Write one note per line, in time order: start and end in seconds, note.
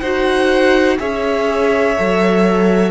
0.00 0.98 D#4
0.00 0.99 F#4
0.00 0.97 C5
0.00 0.97 F#5
0.99 1.96 C#4
0.99 1.96 G#4
0.99 2.91 C#5
0.99 2.91 E5
1.97 2.91 F#3
1.97 2.91 A4